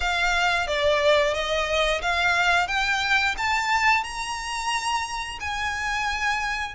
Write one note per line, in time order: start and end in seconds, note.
0.00 0.67 F5
0.67 1.33 D5
1.33 2.01 D#5
2.01 2.67 F5
2.67 3.35 G5
3.37 4.03 A5
4.03 5.38 A#5
5.39 6.74 G#5